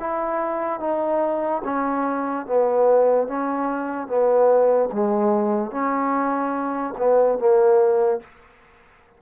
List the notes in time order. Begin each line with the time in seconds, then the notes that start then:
0.00 E4
0.80 D#4
1.64 C#4
2.47 B3
3.28 C#4
4.07 B3
4.92 G#3
5.71 C#4
6.98 B3
7.39 A#3